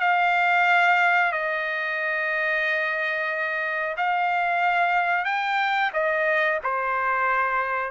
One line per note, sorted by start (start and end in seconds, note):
0.00 1.32 F5
1.32 3.96 D#5
3.97 5.25 F5
5.25 5.91 G5
5.93 6.59 D#5
6.63 7.91 C5